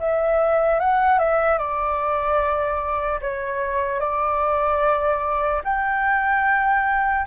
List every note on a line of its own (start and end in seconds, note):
0.00 0.80 E5
0.80 1.19 F#5
1.19 1.58 E5
1.58 3.20 D5
3.21 4.00 C#5
4.00 5.62 D5
5.64 7.26 G5